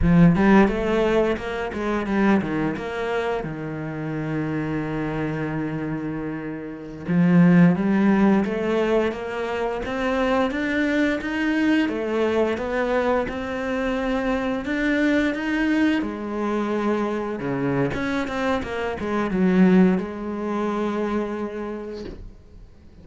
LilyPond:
\new Staff \with { instrumentName = "cello" } { \time 4/4 \tempo 4 = 87 f8 g8 a4 ais8 gis8 g8 dis8 | ais4 dis2.~ | dis2~ dis16 f4 g8.~ | g16 a4 ais4 c'4 d'8.~ |
d'16 dis'4 a4 b4 c'8.~ | c'4~ c'16 d'4 dis'4 gis8.~ | gis4~ gis16 cis8. cis'8 c'8 ais8 gis8 | fis4 gis2. | }